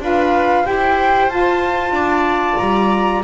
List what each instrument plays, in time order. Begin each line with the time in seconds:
0.00 double bass D4, saxophone F4, viola B4, flute F5
0.64 double bass E4, saxophone G4, viola C5, flute G5
1.29 double bass F4, saxophone F4, flute A5
1.91 double bass D4, viola D5
2.58 double bass G3, flute A#5